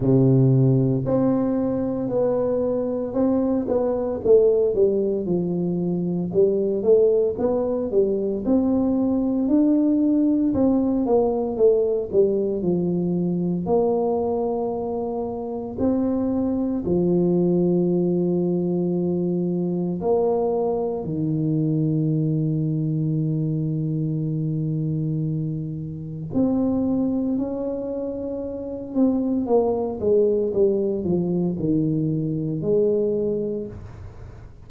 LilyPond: \new Staff \with { instrumentName = "tuba" } { \time 4/4 \tempo 4 = 57 c4 c'4 b4 c'8 b8 | a8 g8 f4 g8 a8 b8 g8 | c'4 d'4 c'8 ais8 a8 g8 | f4 ais2 c'4 |
f2. ais4 | dis1~ | dis4 c'4 cis'4. c'8 | ais8 gis8 g8 f8 dis4 gis4 | }